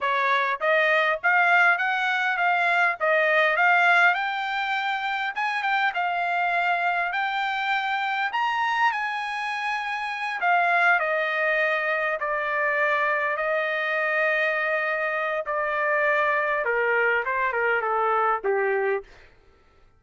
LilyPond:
\new Staff \with { instrumentName = "trumpet" } { \time 4/4 \tempo 4 = 101 cis''4 dis''4 f''4 fis''4 | f''4 dis''4 f''4 g''4~ | g''4 gis''8 g''8 f''2 | g''2 ais''4 gis''4~ |
gis''4. f''4 dis''4.~ | dis''8 d''2 dis''4.~ | dis''2 d''2 | ais'4 c''8 ais'8 a'4 g'4 | }